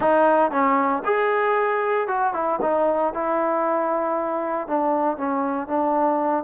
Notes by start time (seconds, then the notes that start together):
0.00 D#4
0.51 C#4
1.04 G#4
2.07 F#4
2.33 E4
2.61 D#4
3.13 E4
4.67 D4
5.17 C#4
5.67 D4